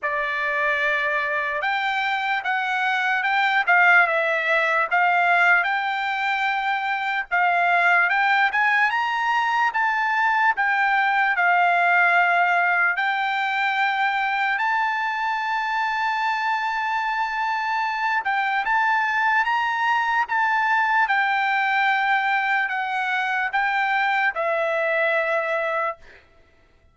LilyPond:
\new Staff \with { instrumentName = "trumpet" } { \time 4/4 \tempo 4 = 74 d''2 g''4 fis''4 | g''8 f''8 e''4 f''4 g''4~ | g''4 f''4 g''8 gis''8 ais''4 | a''4 g''4 f''2 |
g''2 a''2~ | a''2~ a''8 g''8 a''4 | ais''4 a''4 g''2 | fis''4 g''4 e''2 | }